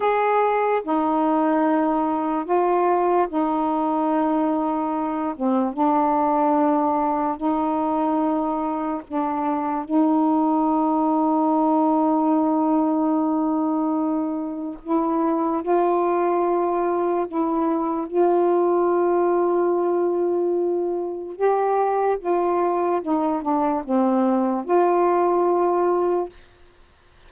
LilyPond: \new Staff \with { instrumentName = "saxophone" } { \time 4/4 \tempo 4 = 73 gis'4 dis'2 f'4 | dis'2~ dis'8 c'8 d'4~ | d'4 dis'2 d'4 | dis'1~ |
dis'2 e'4 f'4~ | f'4 e'4 f'2~ | f'2 g'4 f'4 | dis'8 d'8 c'4 f'2 | }